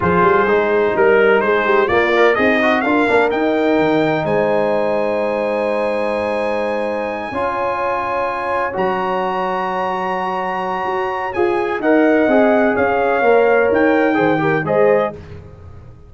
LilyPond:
<<
  \new Staff \with { instrumentName = "trumpet" } { \time 4/4 \tempo 4 = 127 c''2 ais'4 c''4 | d''4 dis''4 f''4 g''4~ | g''4 gis''2.~ | gis''1~ |
gis''2~ gis''8 ais''4.~ | ais''1 | gis''4 fis''2 f''4~ | f''4 g''2 dis''4 | }
  \new Staff \with { instrumentName = "horn" } { \time 4/4 gis'2 ais'4 gis'8 g'8 | f'4 dis'4 ais'2~ | ais'4 c''2.~ | c''2.~ c''8 cis''8~ |
cis''1~ | cis''1~ | cis''4 dis''2 cis''4~ | cis''2 c''8 ais'8 c''4 | }
  \new Staff \with { instrumentName = "trombone" } { \time 4/4 f'4 dis'2. | ais8 ais'8 gis'8 fis'8 f'8 d'8 dis'4~ | dis'1~ | dis'2.~ dis'8 f'8~ |
f'2~ f'8 fis'4.~ | fis'1 | gis'4 ais'4 gis'2 | ais'2 gis'8 g'8 gis'4 | }
  \new Staff \with { instrumentName = "tuba" } { \time 4/4 f8 g8 gis4 g4 gis4 | ais4 c'4 d'8 ais8 dis'4 | dis4 gis2.~ | gis2.~ gis8 cis'8~ |
cis'2~ cis'8 fis4.~ | fis2. fis'4 | f'4 dis'4 c'4 cis'4 | ais4 dis'4 dis4 gis4 | }
>>